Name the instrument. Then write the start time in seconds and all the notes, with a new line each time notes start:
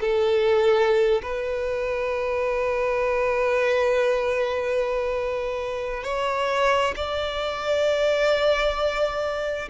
violin
0.00 A4
1.22 B4
6.03 C#5
6.96 D5